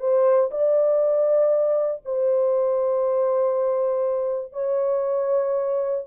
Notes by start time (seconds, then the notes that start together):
0.00 C5
0.51 D5
2.05 C5
4.53 C#5